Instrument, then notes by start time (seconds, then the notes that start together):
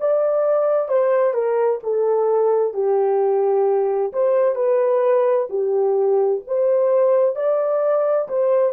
horn
0.00 D5
0.89 C5
1.34 A#4
1.83 A4
2.74 G4
4.13 C5
4.56 B4
5.50 G4
6.47 C5
7.36 D5
8.29 C5